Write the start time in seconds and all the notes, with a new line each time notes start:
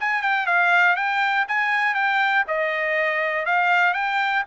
0.00 G#5
0.22 G5
0.47 F5
0.96 G5
1.48 G#5
1.95 G5
2.48 D#5
3.46 F5
3.94 G5